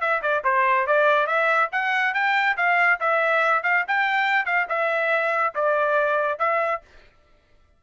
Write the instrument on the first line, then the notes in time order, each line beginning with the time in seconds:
trumpet
0.00 E5
0.22 D5
0.44 C5
0.86 D5
1.26 E5
1.72 F#5
2.14 G5
2.57 F5
3.00 E5
3.63 F5
3.87 G5
4.45 F5
4.68 E5
5.54 D5
6.39 E5